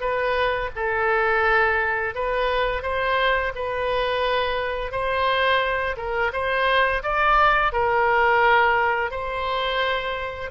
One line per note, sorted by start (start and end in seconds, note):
0.00 0.70 B4
0.75 2.14 A4
2.14 2.82 B4
2.82 3.52 C5
3.55 4.91 B4
4.91 5.96 C5
5.96 6.31 A#4
6.32 7.02 C5
7.02 7.72 D5
7.72 9.10 A#4
9.10 10.50 C5